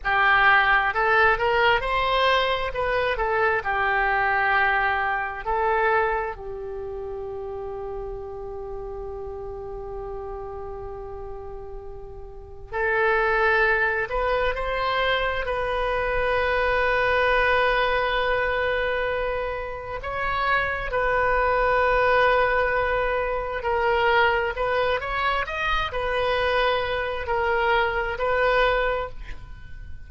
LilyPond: \new Staff \with { instrumentName = "oboe" } { \time 4/4 \tempo 4 = 66 g'4 a'8 ais'8 c''4 b'8 a'8 | g'2 a'4 g'4~ | g'1~ | g'2 a'4. b'8 |
c''4 b'2.~ | b'2 cis''4 b'4~ | b'2 ais'4 b'8 cis''8 | dis''8 b'4. ais'4 b'4 | }